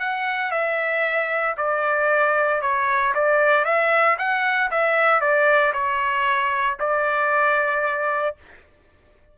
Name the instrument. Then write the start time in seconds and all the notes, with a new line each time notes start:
trumpet
0.00 F#5
0.52 E5
1.58 D5
2.62 C#5
3.15 D5
3.65 E5
4.19 F#5
4.71 E5
5.21 D5
5.74 C#5
6.80 D5